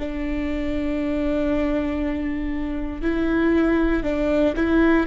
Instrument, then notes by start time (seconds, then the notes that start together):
viola
0.00 D4
3.02 E4
4.04 D4
4.57 E4